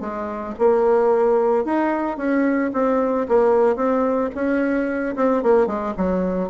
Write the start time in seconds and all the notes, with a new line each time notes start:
0.00 G#3
0.58 A#3
1.64 D#4
2.17 C#4
2.73 C4
3.28 A#3
3.76 C4
4.34 C#4
5.15 C4
5.42 A#3
5.66 G#3
5.97 F#3